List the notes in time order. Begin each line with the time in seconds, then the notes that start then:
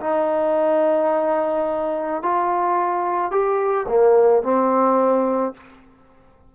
0.00 D#4
2.22 F4
3.31 G4
3.87 A#3
4.42 C4